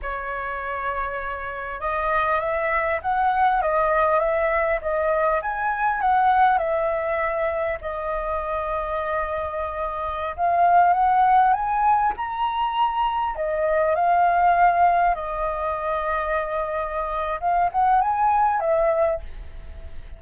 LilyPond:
\new Staff \with { instrumentName = "flute" } { \time 4/4 \tempo 4 = 100 cis''2. dis''4 | e''4 fis''4 dis''4 e''4 | dis''4 gis''4 fis''4 e''4~ | e''4 dis''2.~ |
dis''4~ dis''16 f''4 fis''4 gis''8.~ | gis''16 ais''2 dis''4 f''8.~ | f''4~ f''16 dis''2~ dis''8.~ | dis''4 f''8 fis''8 gis''4 e''4 | }